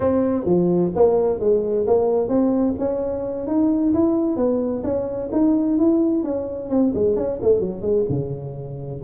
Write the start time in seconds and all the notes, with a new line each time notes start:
0.00 C4
0.45 F3
0.95 A#3
1.39 G#3
1.86 A#3
2.28 C4
2.78 C#4
3.47 D#4
3.93 E4
4.36 B3
4.83 C#4
5.32 D#4
5.78 E4
6.23 C#4
6.69 C4
6.94 G#3
7.16 C#4
7.42 A3
7.59 F#3
7.81 G#3
8.09 C#3